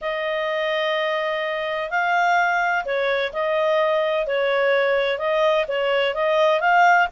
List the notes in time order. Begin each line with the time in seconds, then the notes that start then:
0.01 D#5
1.90 F5
2.85 C#5
3.32 D#5
4.26 C#5
5.18 D#5
5.67 C#5
6.14 D#5
6.60 F5